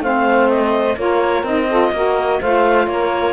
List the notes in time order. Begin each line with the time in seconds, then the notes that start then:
0.00 A3 C4 C5 F5
0.49 D#5
0.96 A#3 F4 A#4 C#5
1.43 C4 D#4 D#5
1.68 F4 A4
1.91 A#3 F#4 A#4
2.40 A3 F4 C5 F5
2.87 A#3 A#4 C#5